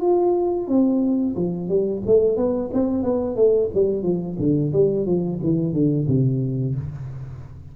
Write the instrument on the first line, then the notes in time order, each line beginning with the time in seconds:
tuba
0.00 F4
0.67 C4
1.35 F3
1.69 G3
2.06 A3
2.36 B3
2.73 C4
3.03 B3
3.36 A3
3.74 G3
4.03 F3
4.38 D3
4.73 G3
5.05 F3
5.43 E3
5.73 D3
6.07 C3